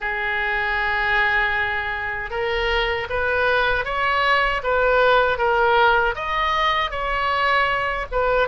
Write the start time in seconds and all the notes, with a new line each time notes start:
0.00 G#4
2.30 A#4
3.09 B4
3.85 C#5
4.63 B4
5.37 A#4
6.15 D#5
6.90 C#5
8.11 B4